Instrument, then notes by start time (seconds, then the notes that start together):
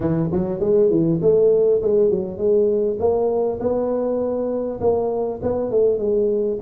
tuba
0.00 E3
0.31 F#3
0.60 G#3
0.90 E3
1.21 A3
1.82 G#3
2.10 F#3
2.37 G#3
2.99 A#3
3.60 B3
4.80 A#3
5.42 B3
5.71 A3
5.98 G#3